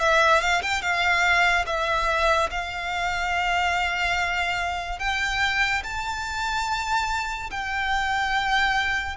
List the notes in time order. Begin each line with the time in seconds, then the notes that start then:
0.00 E5
0.41 F5
0.62 G5
0.82 F5
1.67 E5
2.51 F5
5.00 G5
5.84 A5
7.51 G5